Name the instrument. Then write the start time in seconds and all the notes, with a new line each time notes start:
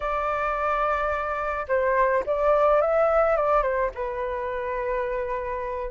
flute
0.00 D5
1.67 C5
2.26 D5
2.81 E5
3.36 D5
3.62 C5
3.94 B4